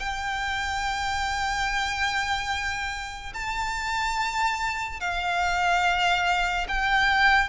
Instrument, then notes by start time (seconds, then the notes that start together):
violin
0.00 G5
3.34 A5
5.00 F5
6.69 G5